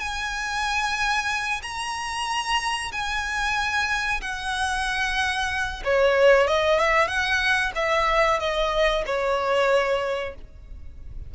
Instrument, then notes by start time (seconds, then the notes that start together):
violin
0.00 G#5
1.63 A#5
2.92 G#5
4.22 F#5
5.84 C#5
6.48 D#5
6.79 E5
7.08 F#5
7.76 E5
8.40 D#5
9.06 C#5